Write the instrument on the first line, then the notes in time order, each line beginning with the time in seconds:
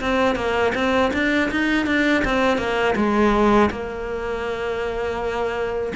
cello
0.00 C4
0.35 A#3
0.74 C4
1.13 D4
1.51 D#4
1.86 D4
2.24 C4
2.57 A#3
2.96 G#3
3.70 A#3